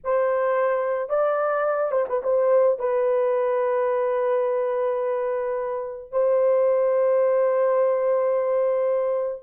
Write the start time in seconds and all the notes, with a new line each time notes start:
0.04 C5
1.09 D5
1.91 C5
2.08 B4
2.23 C5
2.79 B4
6.11 C5